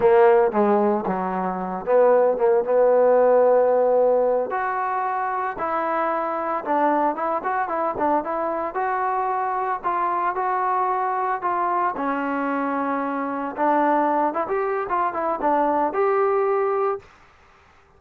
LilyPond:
\new Staff \with { instrumentName = "trombone" } { \time 4/4 \tempo 4 = 113 ais4 gis4 fis4. b8~ | b8 ais8 b2.~ | b8 fis'2 e'4.~ | e'8 d'4 e'8 fis'8 e'8 d'8 e'8~ |
e'8 fis'2 f'4 fis'8~ | fis'4. f'4 cis'4.~ | cis'4. d'4. e'16 g'8. | f'8 e'8 d'4 g'2 | }